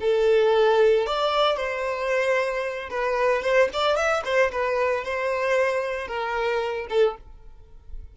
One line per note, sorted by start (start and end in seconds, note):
0.00 1.06 A4
1.06 1.57 D5
1.57 2.90 C5
2.90 3.42 B4
3.42 3.69 C5
3.73 3.96 D5
3.96 4.23 E5
4.25 4.51 C5
4.52 5.04 B4
5.04 6.07 C5
6.07 6.87 A#4
6.90 7.16 A4